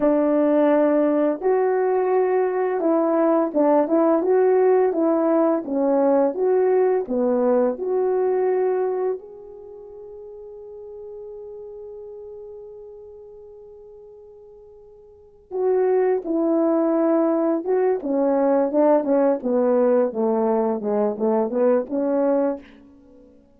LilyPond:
\new Staff \with { instrumentName = "horn" } { \time 4/4 \tempo 4 = 85 d'2 fis'2 | e'4 d'8 e'8 fis'4 e'4 | cis'4 fis'4 b4 fis'4~ | fis'4 gis'2.~ |
gis'1~ | gis'2 fis'4 e'4~ | e'4 fis'8 cis'4 d'8 cis'8 b8~ | b8 a4 gis8 a8 b8 cis'4 | }